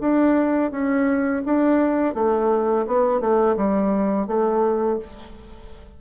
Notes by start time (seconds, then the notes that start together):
0.00 D4
0.71 C#4
1.45 D4
2.14 A3
2.87 B3
3.20 A3
3.56 G3
4.27 A3